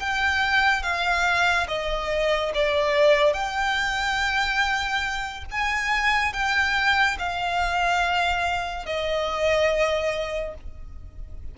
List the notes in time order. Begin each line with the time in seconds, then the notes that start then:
0.00 G5
0.83 F5
1.68 D#5
2.54 D5
3.33 G5
5.51 G#5
6.33 G5
7.19 F5
8.86 D#5